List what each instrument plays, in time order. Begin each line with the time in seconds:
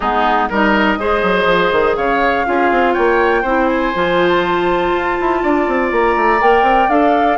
0.00 bassoon G#3, clarinet B3, oboe D#4, flute G#4
0.49 bassoon G3, clarinet D#4, oboe A#4, flute D#5
0.97 bassoon G#3, clarinet G#4, oboe C5
1.23 bassoon F#3
1.45 bassoon F3
1.72 bassoon D#3
1.96 bassoon C#3, oboe C#5, flute F5
2.45 bassoon C#4, clarinet F4, oboe G#4
2.71 bassoon C4
2.93 bassoon A#3, oboe C#5, flute G5
3.42 bassoon C4, clarinet E4, oboe C5
3.66 flute G#5
3.94 bassoon F3, clarinet F4
4.28 flute A5
4.92 bassoon F4
5.20 bassoon E4
5.42 bassoon D4, oboe D5
5.67 bassoon C4
5.91 bassoon A#3, flute A#5
6.16 bassoon A3
6.39 bassoon A#3, clarinet A#4, flute G5
6.62 bassoon C4
6.89 bassoon D4, clarinet A4, flute F5